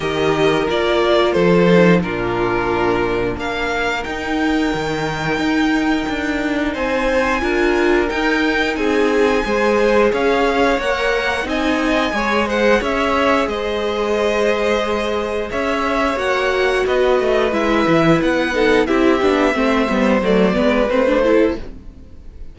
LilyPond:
<<
  \new Staff \with { instrumentName = "violin" } { \time 4/4 \tempo 4 = 89 dis''4 d''4 c''4 ais'4~ | ais'4 f''4 g''2~ | g''2 gis''2 | g''4 gis''2 f''4 |
fis''4 gis''4. fis''8 e''4 | dis''2. e''4 | fis''4 dis''4 e''4 fis''4 | e''2 d''4 c''4 | }
  \new Staff \with { instrumentName = "violin" } { \time 4/4 ais'2 a'4 f'4~ | f'4 ais'2.~ | ais'2 c''4 ais'4~ | ais'4 gis'4 c''4 cis''4~ |
cis''4 dis''4 cis''8 c''8 cis''4 | c''2. cis''4~ | cis''4 b'2~ b'8 a'8 | g'4 c''4. b'4 a'8 | }
  \new Staff \with { instrumentName = "viola" } { \time 4/4 g'4 f'4. dis'8 d'4~ | d'2 dis'2~ | dis'2. f'4 | dis'2 gis'2 |
ais'4 dis'4 gis'2~ | gis'1 | fis'2 e'4. dis'8 | e'8 d'8 c'8 b8 a8 b8 c'16 d'16 e'8 | }
  \new Staff \with { instrumentName = "cello" } { \time 4/4 dis4 ais4 f4 ais,4~ | ais,4 ais4 dis'4 dis4 | dis'4 d'4 c'4 d'4 | dis'4 c'4 gis4 cis'4 |
ais4 c'4 gis4 cis'4 | gis2. cis'4 | ais4 b8 a8 gis8 e8 b4 | c'8 b8 a8 g8 fis8 gis8 a4 | }
>>